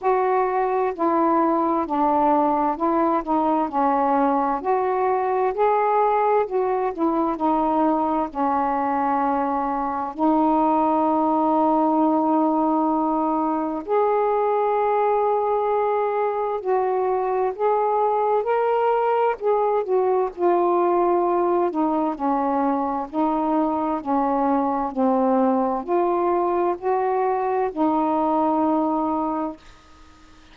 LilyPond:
\new Staff \with { instrumentName = "saxophone" } { \time 4/4 \tempo 4 = 65 fis'4 e'4 d'4 e'8 dis'8 | cis'4 fis'4 gis'4 fis'8 e'8 | dis'4 cis'2 dis'4~ | dis'2. gis'4~ |
gis'2 fis'4 gis'4 | ais'4 gis'8 fis'8 f'4. dis'8 | cis'4 dis'4 cis'4 c'4 | f'4 fis'4 dis'2 | }